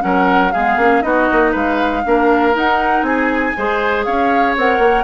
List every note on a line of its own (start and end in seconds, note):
0.00 0.54 F#3
0.00 0.50 C#4
0.00 0.53 A#4
0.00 0.52 F#5
0.52 0.77 G#3
0.52 0.80 B3
0.52 1.04 G#4
0.52 1.02 F5
0.77 1.02 A#3
0.77 1.02 C#4
1.02 1.29 B3
1.02 2.03 D#4
1.02 1.52 F#4
1.02 1.53 D#5
1.33 1.55 A#3
1.52 2.05 G#3
1.52 2.02 B4
1.52 2.57 F5
2.05 2.56 A#3
2.05 2.54 D4
2.05 3.07 A#4
2.54 3.54 D#4
2.54 3.03 D#4
2.54 3.03 F#5
3.03 3.53 C4
3.03 3.57 G#4
3.03 4.04 G#5
3.57 4.07 G#3
3.57 4.58 G#4
3.57 4.06 C5
4.05 4.57 C#4
4.05 5.05 C#5
4.05 4.55 F5
4.57 4.79 C4
4.57 5.05 A#4
4.57 5.05 F#5
4.79 5.05 A#3